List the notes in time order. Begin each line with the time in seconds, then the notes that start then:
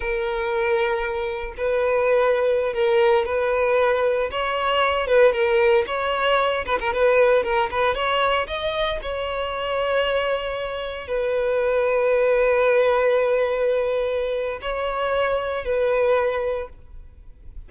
0.00 A#4
1.57 B4
2.73 A#4
3.25 B4
4.31 C#5
5.07 B4
5.32 A#4
5.86 C#5
6.65 B4
6.80 A#4
6.92 B4
7.43 A#4
7.71 B4
7.94 C#5
8.47 D#5
9.02 C#5
11.07 B4
14.61 C#5
15.64 B4